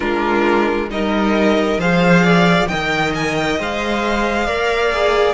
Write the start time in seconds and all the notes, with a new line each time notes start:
0.00 G#3 D4 F4 A#4
0.90 G3 D#4 A#4 D#5
1.77 F3 G#4 C5 F5
2.23 D5
2.67 D#3 A#4 D#5 G5
3.15 G#5
3.35 G5
3.59 G#3 C5 F5
4.46 A#3 A#4 D5
4.92 G#4